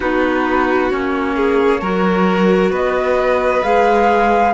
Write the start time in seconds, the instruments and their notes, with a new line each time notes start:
0.00 cello B3, clarinet D#4, violin F#4, flute B4
0.90 cello A#3, clarinet C#4, flute C#5
1.36 violin G#4
1.81 cello F#3, clarinet F#4, violin A#4
2.70 cello B3, violin B4, flute D#5
3.63 cello G#3, clarinet G#4, flute F5